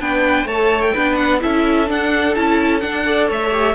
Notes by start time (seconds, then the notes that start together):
0.00 B3 D4 B4 G5
0.45 A3 A4 C#5 A5
0.81 G5
0.94 B3 D4 B4
1.15 F#5
1.41 C#4 E4 A4 E5
1.86 D4 F#5
2.35 C#4 E4 A5
2.80 D4 F#5
3.05 A4 D5
3.29 A3 C#5 E5
3.51 G4